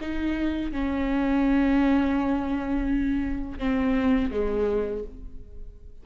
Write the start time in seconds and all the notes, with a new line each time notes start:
0.00 D#4
0.72 C#4
3.58 C4
4.31 G#3